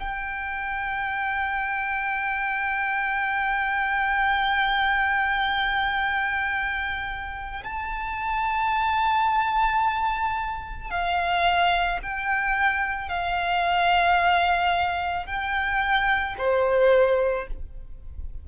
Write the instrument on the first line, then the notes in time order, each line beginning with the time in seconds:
violin
0.00 G5
7.64 A5
10.90 F5
12.03 G5
13.09 F5
15.26 G5
16.38 C5